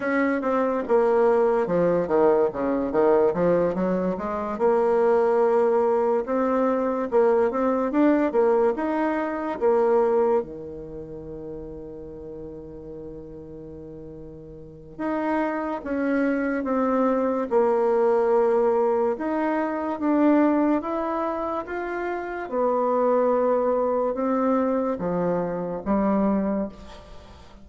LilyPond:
\new Staff \with { instrumentName = "bassoon" } { \time 4/4 \tempo 4 = 72 cis'8 c'8 ais4 f8 dis8 cis8 dis8 | f8 fis8 gis8 ais2 c'8~ | c'8 ais8 c'8 d'8 ais8 dis'4 ais8~ | ais8 dis2.~ dis8~ |
dis2 dis'4 cis'4 | c'4 ais2 dis'4 | d'4 e'4 f'4 b4~ | b4 c'4 f4 g4 | }